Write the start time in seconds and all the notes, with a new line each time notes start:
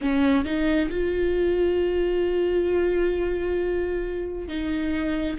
0.01 C#4
0.44 D#4
0.90 F4
4.48 D#4